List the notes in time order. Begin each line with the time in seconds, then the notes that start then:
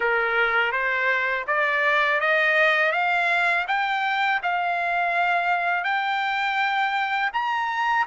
0.00 A#4
0.72 C5
1.47 D5
2.20 D#5
2.92 F5
3.67 G5
4.42 F5
5.84 G5
7.33 A#5